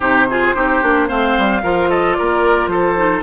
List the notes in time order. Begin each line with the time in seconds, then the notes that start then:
0.00 C3 D#4 G4 C5
0.29 F4 G#4
0.55 C4 D#4 G4
0.82 A#3 D4
1.08 A3 C4 C5 F5
1.37 G3
1.62 F3 F4 A#4
1.89 A4 D#5
2.13 A#4 D5
2.20 A#3
2.67 F3 A4 C5
2.96 D#4